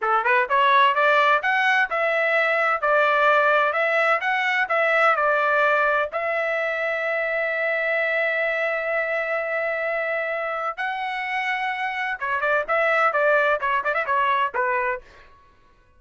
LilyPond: \new Staff \with { instrumentName = "trumpet" } { \time 4/4 \tempo 4 = 128 a'8 b'8 cis''4 d''4 fis''4 | e''2 d''2 | e''4 fis''4 e''4 d''4~ | d''4 e''2.~ |
e''1~ | e''2. fis''4~ | fis''2 cis''8 d''8 e''4 | d''4 cis''8 d''16 e''16 cis''4 b'4 | }